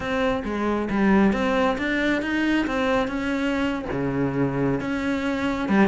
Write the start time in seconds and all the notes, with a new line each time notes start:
0.00 C4
0.44 G#3
0.90 G3
1.32 C4
1.78 D4
2.22 D#4
2.66 C4
3.07 C#4
3.91 C#3
4.80 C#4
5.68 G3